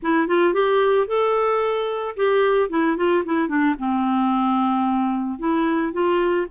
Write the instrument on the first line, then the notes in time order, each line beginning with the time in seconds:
clarinet
0.02 E4
0.27 F4
0.53 G4
1.07 A4
2.16 G4
2.69 E4
2.96 F4
3.25 E4
3.48 D4
3.78 C4
5.38 E4
5.92 F4